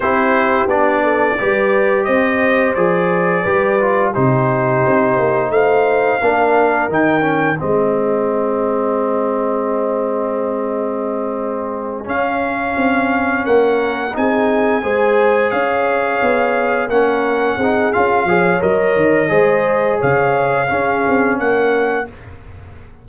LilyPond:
<<
  \new Staff \with { instrumentName = "trumpet" } { \time 4/4 \tempo 4 = 87 c''4 d''2 dis''4 | d''2 c''2 | f''2 g''4 dis''4~ | dis''1~ |
dis''4. f''2 fis''8~ | fis''8 gis''2 f''4.~ | f''8 fis''4. f''4 dis''4~ | dis''4 f''2 fis''4 | }
  \new Staff \with { instrumentName = "horn" } { \time 4/4 g'4. a'8 b'4 c''4~ | c''4 b'4 g'2 | c''4 ais'2 gis'4~ | gis'1~ |
gis'2.~ gis'8 ais'8~ | ais'8 gis'4 c''4 cis''4.~ | cis''8 ais'4 gis'4 cis''4. | c''4 cis''4 gis'4 ais'4 | }
  \new Staff \with { instrumentName = "trombone" } { \time 4/4 e'4 d'4 g'2 | gis'4 g'8 f'8 dis'2~ | dis'4 d'4 dis'8 cis'8 c'4~ | c'1~ |
c'4. cis'2~ cis'8~ | cis'8 dis'4 gis'2~ gis'8~ | gis'8 cis'4 dis'8 f'8 gis'8 ais'4 | gis'2 cis'2 | }
  \new Staff \with { instrumentName = "tuba" } { \time 4/4 c'4 b4 g4 c'4 | f4 g4 c4 c'8 ais8 | a4 ais4 dis4 gis4~ | gis1~ |
gis4. cis'4 c'4 ais8~ | ais8 c'4 gis4 cis'4 b8~ | b8 ais4 c'8 cis'8 f8 fis8 dis8 | gis4 cis4 cis'8 c'8 ais4 | }
>>